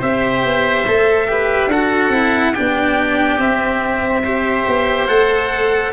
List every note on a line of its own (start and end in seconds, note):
0.00 0.45 C4
0.00 0.85 G4
0.00 1.27 C5
0.00 1.71 E5
0.45 0.87 B3
0.87 1.67 A3
0.87 1.28 A4
1.28 1.71 G4
1.28 1.71 B4
1.67 2.10 D4
1.67 2.13 F#4
1.67 2.53 A4
1.67 2.55 F#5
2.10 2.52 C4
2.10 2.56 E4
2.53 3.39 D4
2.53 4.22 G4
2.53 3.39 G5
2.60 3.38 B3
3.38 4.65 C4
3.38 4.24 C4
3.38 5.08 E5
4.23 5.09 G4
4.23 5.92 C5
4.68 5.08 B3
5.08 5.93 A3
5.08 5.93 A4
5.08 5.92 F#5